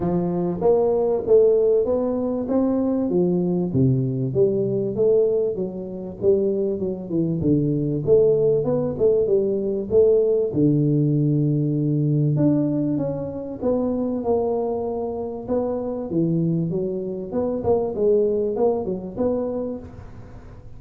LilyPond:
\new Staff \with { instrumentName = "tuba" } { \time 4/4 \tempo 4 = 97 f4 ais4 a4 b4 | c'4 f4 c4 g4 | a4 fis4 g4 fis8 e8 | d4 a4 b8 a8 g4 |
a4 d2. | d'4 cis'4 b4 ais4~ | ais4 b4 e4 fis4 | b8 ais8 gis4 ais8 fis8 b4 | }